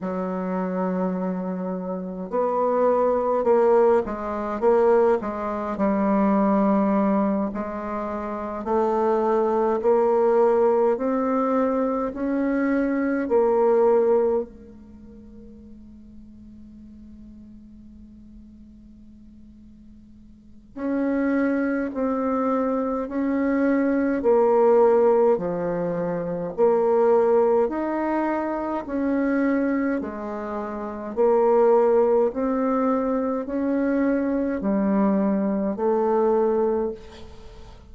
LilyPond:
\new Staff \with { instrumentName = "bassoon" } { \time 4/4 \tempo 4 = 52 fis2 b4 ais8 gis8 | ais8 gis8 g4. gis4 a8~ | a8 ais4 c'4 cis'4 ais8~ | ais8 gis2.~ gis8~ |
gis2 cis'4 c'4 | cis'4 ais4 f4 ais4 | dis'4 cis'4 gis4 ais4 | c'4 cis'4 g4 a4 | }